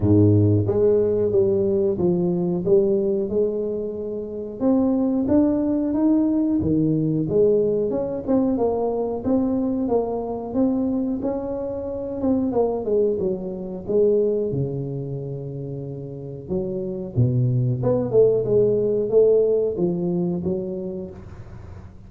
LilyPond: \new Staff \with { instrumentName = "tuba" } { \time 4/4 \tempo 4 = 91 gis,4 gis4 g4 f4 | g4 gis2 c'4 | d'4 dis'4 dis4 gis4 | cis'8 c'8 ais4 c'4 ais4 |
c'4 cis'4. c'8 ais8 gis8 | fis4 gis4 cis2~ | cis4 fis4 b,4 b8 a8 | gis4 a4 f4 fis4 | }